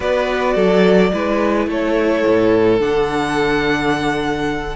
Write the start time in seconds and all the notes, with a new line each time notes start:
0.00 B3 F#4 B4 D5
0.55 F#3 A4
1.11 G#3 E4 B4
1.67 A3 A4 C#5
2.27 A2
2.79 D3 D4 F#5